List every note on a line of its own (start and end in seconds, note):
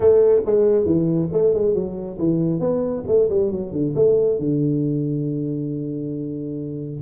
0.00 0.41 A3
0.45 0.85 G#3
0.85 1.29 E3
1.32 1.54 A3
1.54 1.74 G#3
1.74 2.18 F#3
2.18 2.60 E3
2.60 3.03 B3
3.07 3.28 A3
3.29 3.51 G3
3.51 3.71 F#3
3.71 3.93 D3
3.95 4.38 A3
4.38 7.01 D3